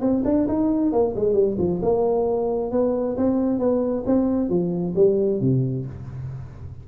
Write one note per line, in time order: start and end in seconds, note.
0.00 0.23 C4
0.24 0.47 D4
0.48 0.92 D#4
0.92 1.14 A#3
1.16 1.33 G#3
1.33 1.56 G3
1.58 1.80 F3
1.82 2.71 A#3
2.71 3.16 B3
3.17 3.58 C4
3.58 4.04 B3
4.06 4.49 C4
4.49 4.94 F3
4.95 5.40 G3
5.40 5.85 C3